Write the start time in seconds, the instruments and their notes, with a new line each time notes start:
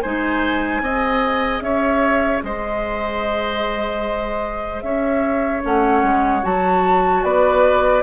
0.00 bassoon G#3, clarinet D#4, oboe C5, flute G#5
0.81 bassoon C4, clarinet G#4, oboe D#5
1.61 bassoon C#4, oboe C#5, flute E5
2.43 bassoon G#3, oboe C5, flute D#5
4.82 bassoon C#4, oboe C#5, flute E5
5.62 bassoon A3, clarinet C#4, flute F#5
6.03 bassoon G#3
6.43 bassoon F#3, clarinet F#4, flute A5
7.23 bassoon B3, oboe B4, flute D5